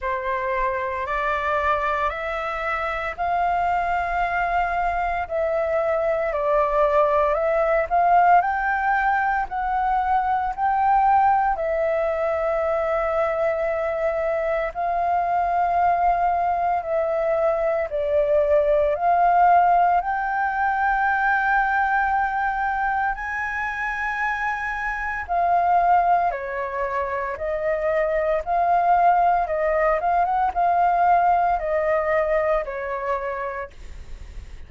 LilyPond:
\new Staff \with { instrumentName = "flute" } { \time 4/4 \tempo 4 = 57 c''4 d''4 e''4 f''4~ | f''4 e''4 d''4 e''8 f''8 | g''4 fis''4 g''4 e''4~ | e''2 f''2 |
e''4 d''4 f''4 g''4~ | g''2 gis''2 | f''4 cis''4 dis''4 f''4 | dis''8 f''16 fis''16 f''4 dis''4 cis''4 | }